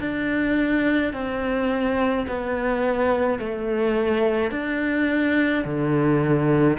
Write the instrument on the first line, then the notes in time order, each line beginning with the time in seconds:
cello
0.00 D4
1.13 C4
2.27 B3
3.39 A3
4.51 D4
5.64 D3